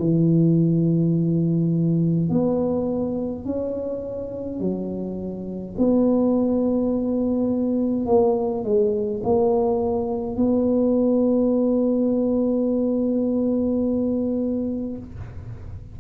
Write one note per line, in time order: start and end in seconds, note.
0.00 2.30 E3
2.30 3.45 B3
3.46 4.60 C#4
4.60 5.75 F#3
5.78 8.06 B3
8.06 8.64 A#3
8.64 9.22 G#3
9.24 10.36 A#3
10.36 14.98 B3